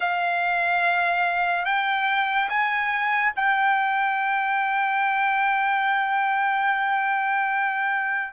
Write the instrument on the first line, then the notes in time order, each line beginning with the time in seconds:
trumpet
0.00 F5
1.65 G5
2.49 G#5
3.35 G5